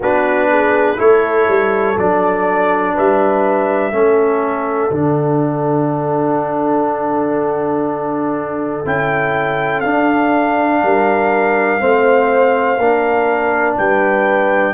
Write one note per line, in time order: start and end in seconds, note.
0.00 0.97 B3
0.00 0.96 D4
0.00 0.49 F#4
0.00 0.99 B4
0.49 0.97 G#4
0.96 1.47 A3
0.96 1.95 E4
0.96 2.94 A4
0.96 1.98 C#5
1.47 1.96 G3
1.97 2.95 F#3
1.97 3.92 D4
1.97 2.96 D5
2.94 3.92 G3
2.94 3.92 B4
2.94 4.93 E5
3.92 4.90 A3
3.92 4.90 C#4
3.92 10.83 A4
4.90 8.84 D3
4.90 8.85 D4
4.90 8.86 F#5
8.85 9.84 C#4
8.85 9.83 E4
8.85 9.80 G5
9.80 10.82 D4
9.80 11.79 D4
9.80 13.74 F5
10.83 11.81 G3
10.83 11.80 A#4
11.79 12.77 A3
11.79 12.77 C4
11.79 12.78 C5
12.77 13.76 A#3
12.77 14.73 D4
12.77 13.76 A#4
13.77 14.73 G3
13.77 14.73 B4
13.77 14.73 G5